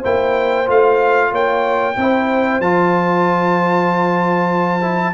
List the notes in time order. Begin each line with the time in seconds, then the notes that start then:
0.00 A#3 E4 C5 G5
0.66 A3 F4 F5
1.31 A#3 C#5 G5
1.96 C4 E4 C5
2.59 F3 F4 A5
4.81 E4